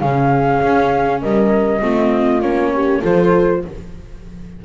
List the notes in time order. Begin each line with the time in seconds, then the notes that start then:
0.00 C#3 C#4 G#4 F5
0.62 C#4
1.22 G3 A#4 D#5
1.81 A3 C4 F4
2.42 A#3 C#4 C#5
2.74 G4
3.02 F3 F4 A4 C5